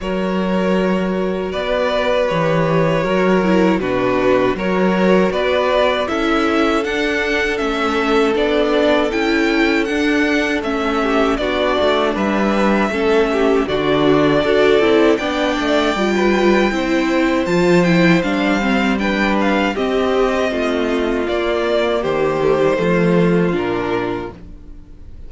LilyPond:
<<
  \new Staff \with { instrumentName = "violin" } { \time 4/4 \tempo 4 = 79 cis''2 d''4 cis''4~ | cis''4 b'4 cis''4 d''4 | e''4 fis''4 e''4 d''4 | g''4 fis''4 e''4 d''4 |
e''2 d''2 | g''2. a''8 g''8 | f''4 g''8 f''8 dis''2 | d''4 c''2 ais'4 | }
  \new Staff \with { instrumentName = "violin" } { \time 4/4 ais'2 b'2 | ais'4 fis'4 ais'4 b'4 | a'1~ | a'2~ a'8 g'8 fis'4 |
b'4 a'8 g'8 fis'4 a'4 | d''4~ d''16 b'8. c''2~ | c''4 b'4 g'4 f'4~ | f'4 g'4 f'2 | }
  \new Staff \with { instrumentName = "viola" } { \time 4/4 fis'2. g'4 | fis'8 e'8 d'4 fis'2 | e'4 d'4 cis'4 d'4 | e'4 d'4 cis'4 d'4~ |
d'4 cis'4 d'4 fis'8 e'8 | d'4 f'4 e'4 f'8 e'8 | d'8 c'8 d'4 c'2 | ais4. a16 g16 a4 d'4 | }
  \new Staff \with { instrumentName = "cello" } { \time 4/4 fis2 b4 e4 | fis4 b,4 fis4 b4 | cis'4 d'4 a4 b4 | cis'4 d'4 a4 b8 a8 |
g4 a4 d4 d'8 c'8 | b8 a8 g4 c'4 f4 | g2 c'4 a4 | ais4 dis4 f4 ais,4 | }
>>